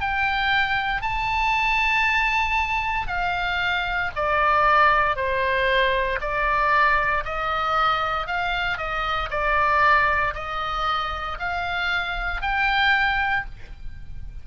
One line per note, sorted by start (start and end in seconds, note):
0.00 1.01 G5
1.01 3.07 A5
3.07 4.11 F5
4.15 5.15 D5
5.15 6.19 C5
6.20 7.24 D5
7.24 8.27 D#5
8.27 8.77 F5
8.77 9.29 D#5
9.30 10.34 D5
10.34 11.37 D#5
11.39 12.41 F5
12.41 13.45 G5